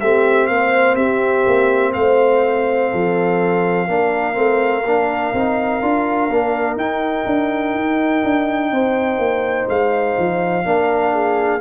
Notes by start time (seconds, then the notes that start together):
0.00 A3 C4 G4 E5
0.47 A#3 C5 F5
0.96 C4 G4 E5
1.46 A#3
1.93 A3 C5 F5
2.91 F3 A4
3.88 A#3 D4 A#4
4.34 A3 C4
4.84 A#3 D4
5.33 C4 D#4
5.82 D4 F4
6.29 A#3 D4
6.76 D#4 G5
7.26 D4
7.74 D#4
8.23 D4
8.71 C4 C5
9.18 A#3
9.68 G#3 F5
10.18 F3
10.64 A#3 D4 A#4
11.13 G#4